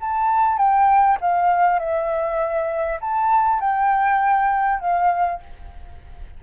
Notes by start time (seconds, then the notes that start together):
0.00 A5
0.57 G5
1.20 F5
1.79 E5
3.01 A5
3.59 G5
4.80 F5